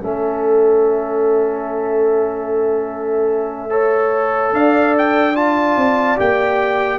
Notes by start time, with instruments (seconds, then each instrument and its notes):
0.00 tuba A3, trombone C#4, horn A4, trumpet E5
3.69 trombone A4, horn C#5
4.53 tuba D4, horn D5, trumpet F5
4.98 trumpet G5
5.35 trombone F4, trumpet A5
5.76 tuba C4
6.16 tuba A#3, trombone G4, trumpet G5